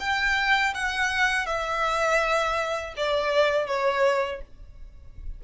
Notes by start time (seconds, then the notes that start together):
0.00 G5
0.75 F#5
1.46 E5
2.97 D5
3.67 C#5